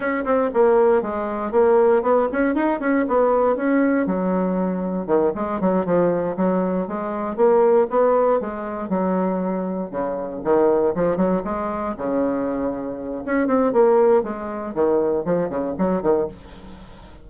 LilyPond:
\new Staff \with { instrumentName = "bassoon" } { \time 4/4 \tempo 4 = 118 cis'8 c'8 ais4 gis4 ais4 | b8 cis'8 dis'8 cis'8 b4 cis'4 | fis2 dis8 gis8 fis8 f8~ | f8 fis4 gis4 ais4 b8~ |
b8 gis4 fis2 cis8~ | cis8 dis4 f8 fis8 gis4 cis8~ | cis2 cis'8 c'8 ais4 | gis4 dis4 f8 cis8 fis8 dis8 | }